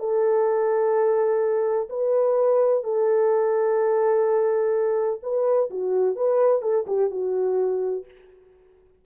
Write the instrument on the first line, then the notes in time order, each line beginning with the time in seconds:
horn
0.00 A4
1.90 B4
2.84 A4
5.23 B4
5.70 F#4
6.16 B4
6.62 A4
6.87 G4
7.11 F#4